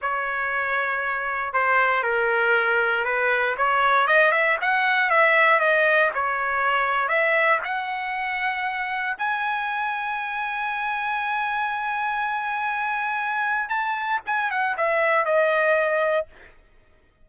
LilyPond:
\new Staff \with { instrumentName = "trumpet" } { \time 4/4 \tempo 4 = 118 cis''2. c''4 | ais'2 b'4 cis''4 | dis''8 e''8 fis''4 e''4 dis''4 | cis''2 e''4 fis''4~ |
fis''2 gis''2~ | gis''1~ | gis''2. a''4 | gis''8 fis''8 e''4 dis''2 | }